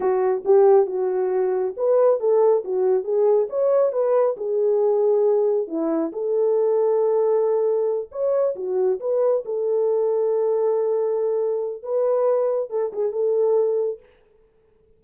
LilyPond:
\new Staff \with { instrumentName = "horn" } { \time 4/4 \tempo 4 = 137 fis'4 g'4 fis'2 | b'4 a'4 fis'4 gis'4 | cis''4 b'4 gis'2~ | gis'4 e'4 a'2~ |
a'2~ a'8 cis''4 fis'8~ | fis'8 b'4 a'2~ a'8~ | a'2. b'4~ | b'4 a'8 gis'8 a'2 | }